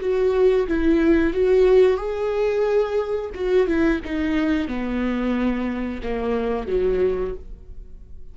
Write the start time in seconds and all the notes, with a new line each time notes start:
0.00 F#4
0.67 E4
1.33 F#4
1.97 G#4
3.35 F#4
3.67 E4
4.05 D#4
4.68 B3
6.03 A#3
6.67 F#3